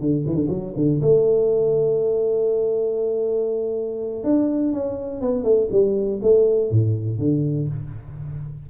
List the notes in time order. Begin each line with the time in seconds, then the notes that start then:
0.00 D3
0.26 E3
0.35 D3
0.48 F#3
0.76 D3
1.01 A3
4.24 D4
4.73 C#4
5.21 B3
5.43 A3
5.71 G3
6.22 A3
6.71 A2
7.18 D3